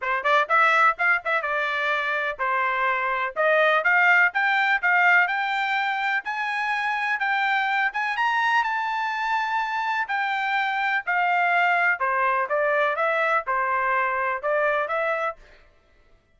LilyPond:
\new Staff \with { instrumentName = "trumpet" } { \time 4/4 \tempo 4 = 125 c''8 d''8 e''4 f''8 e''8 d''4~ | d''4 c''2 dis''4 | f''4 g''4 f''4 g''4~ | g''4 gis''2 g''4~ |
g''8 gis''8 ais''4 a''2~ | a''4 g''2 f''4~ | f''4 c''4 d''4 e''4 | c''2 d''4 e''4 | }